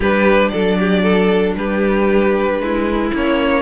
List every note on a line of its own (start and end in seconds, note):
0.00 0.51 G3
0.00 3.14 D4
0.00 0.51 G4
0.00 0.48 B4
0.48 1.55 F#3
0.48 0.78 A4
0.48 1.53 D5
0.79 1.02 G4
1.02 1.55 A4
1.55 2.59 G3
1.55 2.61 G4
1.55 3.12 B4
2.59 3.11 G#3
2.59 3.62 E4
3.13 3.62 A#3
3.13 3.62 C#4
3.13 3.62 C#5